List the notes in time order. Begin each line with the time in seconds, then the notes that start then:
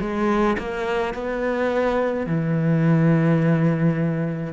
0.00 G#3
0.58 A#3
1.14 B3
2.26 E3